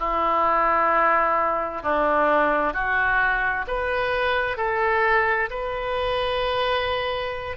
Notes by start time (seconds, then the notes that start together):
0.00 E4
1.83 D4
2.74 F#4
3.68 B4
4.58 A4
5.50 B4